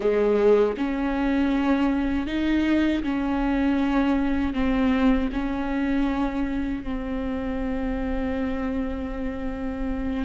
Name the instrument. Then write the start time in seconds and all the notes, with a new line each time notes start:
viola
0.00 G#3
0.77 C#4
2.26 D#4
3.03 C#4
4.53 C4
5.32 C#4
6.83 C4